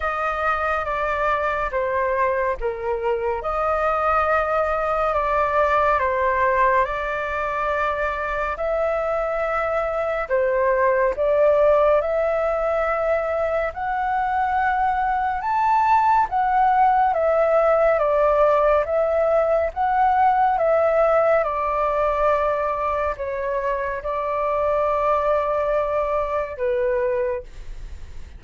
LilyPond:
\new Staff \with { instrumentName = "flute" } { \time 4/4 \tempo 4 = 70 dis''4 d''4 c''4 ais'4 | dis''2 d''4 c''4 | d''2 e''2 | c''4 d''4 e''2 |
fis''2 a''4 fis''4 | e''4 d''4 e''4 fis''4 | e''4 d''2 cis''4 | d''2. b'4 | }